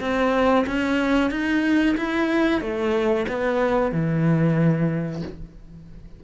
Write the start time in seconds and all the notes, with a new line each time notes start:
0.00 C4
0.66 C#4
1.30 D#4
1.97 E4
2.61 A3
3.28 B3
3.92 E3